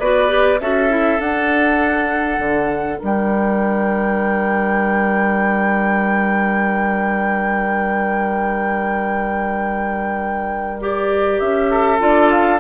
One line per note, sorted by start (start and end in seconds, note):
0.00 0.60 B3
0.00 0.29 F#4
0.00 0.60 B4
0.00 0.60 D5
0.29 0.59 G4
0.61 1.20 C#4
0.61 0.90 F#4
0.61 2.98 A4
0.61 1.21 E5
0.90 1.18 E4
1.18 10.78 D4
1.18 2.39 D4
1.18 3.01 F#5
2.39 2.99 D3
2.98 11.41 G3
2.98 11.69 A#4
3.05 10.83 G5
10.81 12.00 G4
10.81 11.40 D5
11.40 12.01 C#4
11.40 12.00 E5
11.71 12.60 A4
12.00 12.60 D4
12.00 12.60 F4
12.00 12.31 D5
12.31 12.60 F5